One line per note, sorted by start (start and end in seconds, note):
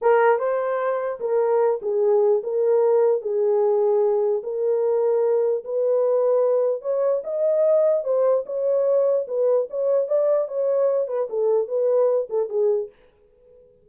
0.01 0.39 A#4
0.39 1.19 C5
1.20 1.80 A#4
1.82 2.42 G#4
2.43 3.21 A#4
3.21 4.42 G#4
4.43 5.64 A#4
5.64 6.81 B4
6.81 7.22 C#5
7.24 8.04 D#5
8.04 8.44 C5
8.46 9.26 C#5
9.27 9.68 B4
9.70 10.07 C#5
10.07 10.48 D5
10.48 11.07 C#5
11.07 11.28 B4
11.29 11.68 A4
11.68 12.28 B4
12.29 12.49 A4
12.49 12.89 G#4